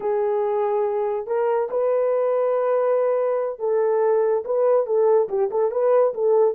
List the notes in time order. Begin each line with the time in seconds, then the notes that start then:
0.00 G#4
1.26 A#4
1.70 B4
3.59 A4
4.45 B4
4.86 A4
5.28 G4
5.50 A4
5.71 B4
6.13 A4